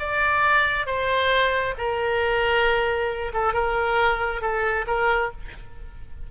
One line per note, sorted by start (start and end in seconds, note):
0.00 0.87 D5
0.87 1.75 C5
1.78 3.32 A#4
3.34 3.54 A4
3.54 4.42 A#4
4.42 4.86 A4
4.87 5.32 A#4